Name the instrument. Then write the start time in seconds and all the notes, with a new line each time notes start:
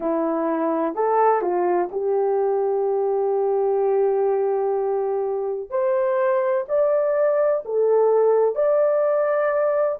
horn
0.00 E4
0.94 A4
1.41 F4
1.91 G4
5.69 C5
6.68 D5
7.65 A4
8.55 D5